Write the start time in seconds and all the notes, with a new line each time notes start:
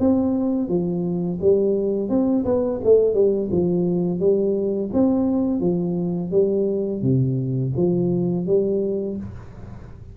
0.00 C4
0.69 F3
1.42 G3
2.10 C4
2.45 B3
2.85 A3
3.14 G3
3.52 F3
4.20 G3
4.93 C4
5.61 F3
6.32 G3
7.02 C3
7.77 F3
8.47 G3